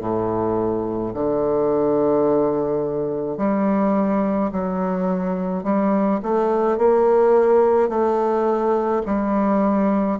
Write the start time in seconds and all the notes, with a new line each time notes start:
0.00 A2
1.14 D3
3.38 G3
4.52 F#3
5.64 G3
6.23 A3
6.78 A#3
7.89 A3
9.06 G3